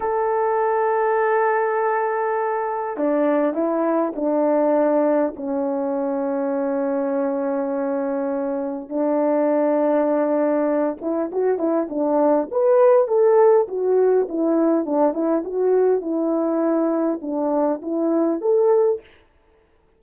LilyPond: \new Staff \with { instrumentName = "horn" } { \time 4/4 \tempo 4 = 101 a'1~ | a'4 d'4 e'4 d'4~ | d'4 cis'2.~ | cis'2. d'4~ |
d'2~ d'8 e'8 fis'8 e'8 | d'4 b'4 a'4 fis'4 | e'4 d'8 e'8 fis'4 e'4~ | e'4 d'4 e'4 a'4 | }